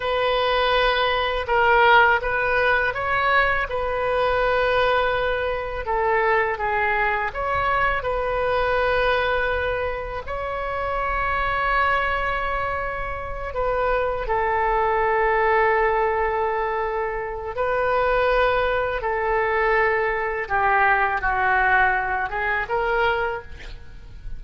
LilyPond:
\new Staff \with { instrumentName = "oboe" } { \time 4/4 \tempo 4 = 82 b'2 ais'4 b'4 | cis''4 b'2. | a'4 gis'4 cis''4 b'4~ | b'2 cis''2~ |
cis''2~ cis''8 b'4 a'8~ | a'1 | b'2 a'2 | g'4 fis'4. gis'8 ais'4 | }